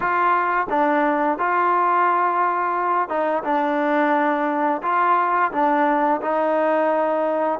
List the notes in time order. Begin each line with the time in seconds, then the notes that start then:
0.00 F4
0.69 D4
1.38 F4
3.08 D#4
3.43 D4
4.82 F4
5.51 D4
6.21 D#4